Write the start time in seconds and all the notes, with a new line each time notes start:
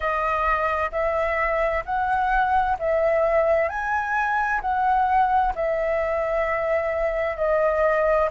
0.00 D#5
0.91 E5
1.85 F#5
2.79 E5
3.68 G#5
4.61 F#5
5.55 E5
7.36 D#5